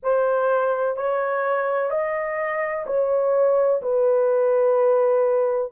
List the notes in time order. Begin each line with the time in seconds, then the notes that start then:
0.03 C5
0.96 C#5
1.90 D#5
2.86 C#5
3.82 B4